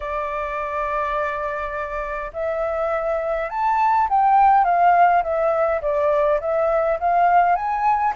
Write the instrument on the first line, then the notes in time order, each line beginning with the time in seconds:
flute
0.00 D5
2.33 E5
3.50 A5
4.09 G5
4.64 F5
5.23 E5
5.81 D5
6.40 E5
6.99 F5
7.55 G#5